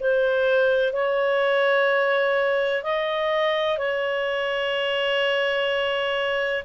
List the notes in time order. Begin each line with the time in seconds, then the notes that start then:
0.00 C5
0.93 C#5
2.84 D#5
3.78 C#5